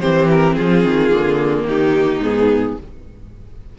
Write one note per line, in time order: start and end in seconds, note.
0.00 0.58 E3
0.00 1.10 C4
0.00 0.56 G4
0.00 0.28 C5
0.30 0.54 A#4
0.54 0.84 F3
0.54 1.66 F4
0.54 1.64 G#4
0.84 1.11 D#3
1.10 1.63 D3
1.10 2.20 A#3
1.63 2.18 D#3
1.63 2.78 D#4
1.63 2.23 G4
2.18 2.73 G#2
2.18 2.77 B3
2.18 2.78 G#4